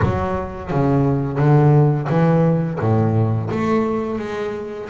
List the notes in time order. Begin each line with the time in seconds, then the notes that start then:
0.02 F#3
0.70 C#3
1.38 D3
2.09 E3
2.79 A2
3.50 A3
4.19 G#3